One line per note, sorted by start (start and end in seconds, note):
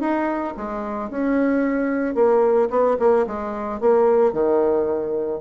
0.00 0.54 D#4
0.57 1.10 G#3
1.10 2.15 C#4
2.15 2.69 A#3
2.70 2.97 B3
2.99 3.26 A#3
3.27 3.81 G#3
3.81 4.33 A#3
4.33 5.41 D#3